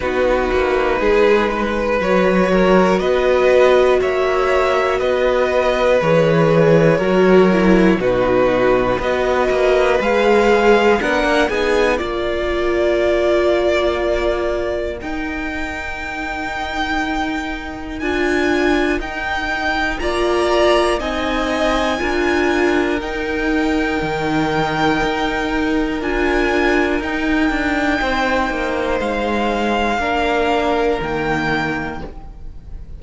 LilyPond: <<
  \new Staff \with { instrumentName = "violin" } { \time 4/4 \tempo 4 = 60 b'2 cis''4 dis''4 | e''4 dis''4 cis''2 | b'4 dis''4 f''4 fis''8 gis''8 | d''2. g''4~ |
g''2 gis''4 g''4 | ais''4 gis''2 g''4~ | g''2 gis''4 g''4~ | g''4 f''2 g''4 | }
  \new Staff \with { instrumentName = "violin" } { \time 4/4 fis'4 gis'8 b'4 ais'8 b'4 | cis''4 b'2 ais'4 | fis'4 b'2 ais'8 gis'8 | ais'1~ |
ais'1 | d''4 dis''4 ais'2~ | ais'1 | c''2 ais'2 | }
  \new Staff \with { instrumentName = "viola" } { \time 4/4 dis'2 fis'2~ | fis'2 gis'4 fis'8 e'8 | dis'4 fis'4 gis'4 d'8 dis'8 | f'2. dis'4~ |
dis'2 f'4 dis'4 | f'4 dis'4 f'4 dis'4~ | dis'2 f'4 dis'4~ | dis'2 d'4 ais4 | }
  \new Staff \with { instrumentName = "cello" } { \time 4/4 b8 ais8 gis4 fis4 b4 | ais4 b4 e4 fis4 | b,4 b8 ais8 gis4 b16 ais16 b8 | ais2. dis'4~ |
dis'2 d'4 dis'4 | ais4 c'4 d'4 dis'4 | dis4 dis'4 d'4 dis'8 d'8 | c'8 ais8 gis4 ais4 dis4 | }
>>